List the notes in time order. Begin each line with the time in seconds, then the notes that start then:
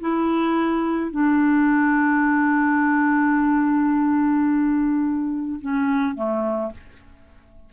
0.00 E4
1.11 D4
5.61 C#4
6.15 A3